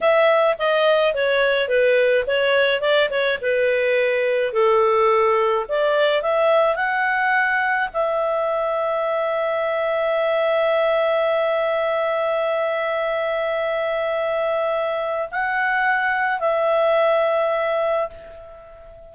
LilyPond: \new Staff \with { instrumentName = "clarinet" } { \time 4/4 \tempo 4 = 106 e''4 dis''4 cis''4 b'4 | cis''4 d''8 cis''8 b'2 | a'2 d''4 e''4 | fis''2 e''2~ |
e''1~ | e''1~ | e''2. fis''4~ | fis''4 e''2. | }